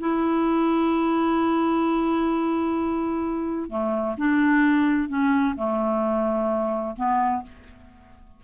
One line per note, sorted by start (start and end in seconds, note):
0.00 3.70 E4
3.70 4.16 A3
4.18 5.09 D4
5.09 5.55 C#4
5.56 6.96 A3
6.96 7.43 B3